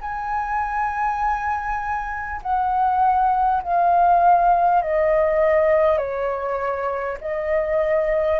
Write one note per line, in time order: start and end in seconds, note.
0.00 2.40 G#5
2.42 3.62 F#5
3.62 4.82 F5
4.82 5.97 D#5
5.97 7.17 C#5
7.20 8.39 D#5